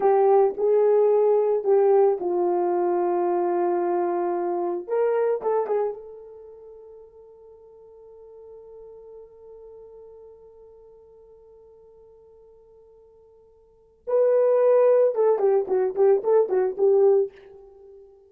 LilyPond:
\new Staff \with { instrumentName = "horn" } { \time 4/4 \tempo 4 = 111 g'4 gis'2 g'4 | f'1~ | f'4 ais'4 a'8 gis'8 a'4~ | a'1~ |
a'1~ | a'1~ | a'2 b'2 | a'8 g'8 fis'8 g'8 a'8 fis'8 g'4 | }